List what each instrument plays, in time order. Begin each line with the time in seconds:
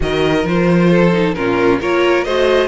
0.00 cello D#3, viola F#4, violin A#4 D#5
0.44 cello F3, viola F4, violin C5
0.90 violin A4
1.11 viola D#4
1.34 cello A#2, viola C#4, violin F4 A#4
1.80 cello A#3, viola F4, violin A#4 C#5
2.23 cello A3, viola F#4, violin C5 D#5